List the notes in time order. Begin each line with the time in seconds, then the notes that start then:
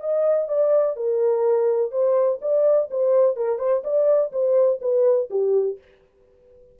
0.00 D#5
0.48 D5
0.96 A#4
1.91 C5
2.41 D5
2.91 C5
3.36 A#4
3.59 C5
3.84 D5
4.32 C5
4.81 B4
5.30 G4